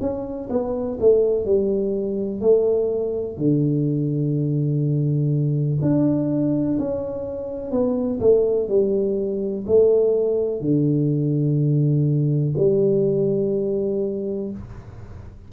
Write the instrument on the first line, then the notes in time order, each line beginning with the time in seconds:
tuba
0.00 C#4
0.49 B3
1.00 A3
1.45 G3
2.40 A3
3.37 D3
5.81 D4
6.78 C#4
7.71 B3
8.20 A3
8.68 G3
9.66 A3
10.60 D3
12.57 G3